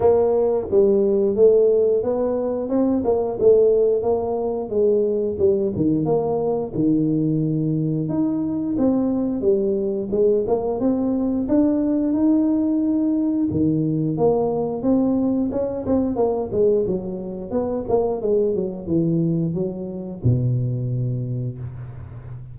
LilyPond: \new Staff \with { instrumentName = "tuba" } { \time 4/4 \tempo 4 = 89 ais4 g4 a4 b4 | c'8 ais8 a4 ais4 gis4 | g8 dis8 ais4 dis2 | dis'4 c'4 g4 gis8 ais8 |
c'4 d'4 dis'2 | dis4 ais4 c'4 cis'8 c'8 | ais8 gis8 fis4 b8 ais8 gis8 fis8 | e4 fis4 b,2 | }